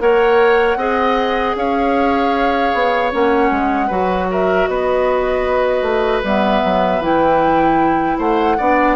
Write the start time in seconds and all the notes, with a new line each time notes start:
0.00 A#3 A#4 C#5 F#5
0.76 C4 G#4 D#5
1.56 C#4 C#5 F5
2.74 B3
3.12 A#3 C#4 F#5
3.51 G#3
3.87 F#3 F#4 B4
4.31 A#4 E5
4.67 B3 B4 D#5
5.82 A3
6.24 G3 B3 E5
6.64 F#3
7.00 E3 E4 G5
8.18 A3 C5 F#5
8.58 B3 D4 D5